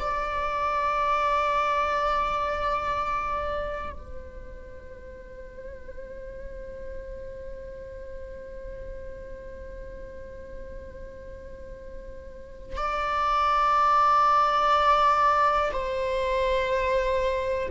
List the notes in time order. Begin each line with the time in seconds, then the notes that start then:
0.00 D5
3.93 C5
12.77 D5
15.72 C5